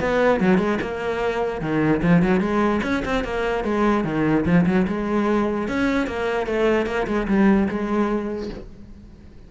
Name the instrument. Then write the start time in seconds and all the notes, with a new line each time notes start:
cello
0.00 B3
0.40 F#3
0.57 G#3
0.81 A#3
1.61 D#3
2.02 F3
2.22 F#3
2.40 G#3
2.83 C#4
3.05 C4
3.24 A#3
3.64 G#3
4.04 D#3
4.45 F3
4.66 F#3
4.87 G#3
5.68 C#4
6.07 A#3
6.46 A3
6.86 A#3
7.07 G#3
7.27 G3
7.68 G#3